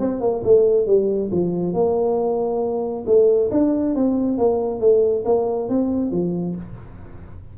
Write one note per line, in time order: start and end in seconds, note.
0.00 0.21 C4
0.21 0.43 A#3
0.44 0.87 A3
0.87 1.30 G3
1.32 1.74 F3
1.74 3.05 A#3
3.07 3.50 A3
3.52 3.95 D4
3.96 4.38 C4
4.38 4.81 A#3
4.81 5.25 A3
5.26 5.69 A#3
5.69 6.12 C4
6.12 6.56 F3